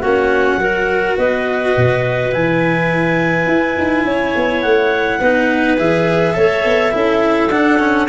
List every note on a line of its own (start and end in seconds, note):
0.00 0.57 A#3
0.00 0.61 C#4
0.00 0.58 F#4
0.00 1.16 F#5
0.57 1.15 F#3
0.57 2.32 F#4
0.57 1.18 A#4
1.18 1.76 B3
1.18 4.06 B4
1.18 2.33 D#5
1.77 2.34 B2
2.32 3.47 E3
2.32 5.21 E4
2.32 4.62 G#5
3.47 3.75 E4
3.78 4.05 D#4
4.05 4.34 C#4
4.05 5.19 C#5
4.36 4.64 B3
4.62 5.21 A3
4.62 5.77 F#5
5.19 5.79 B3
5.19 5.78 D#4
5.19 6.35 B4
5.78 6.37 E3
5.78 6.34 G#4
5.78 7.50 E5
6.34 6.65 A3
6.34 6.92 A4
6.34 6.94 C#5
6.65 6.94 B3
6.92 7.50 C#4
6.92 7.50 E4
6.92 8.09 A4
7.50 8.08 D4
7.50 7.79 D4
7.50 8.08 F#5
7.79 8.08 C#4